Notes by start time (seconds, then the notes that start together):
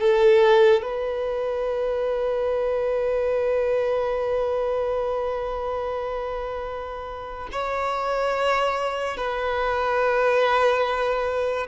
0.00 A4
0.82 B4
7.52 C#5
9.17 B4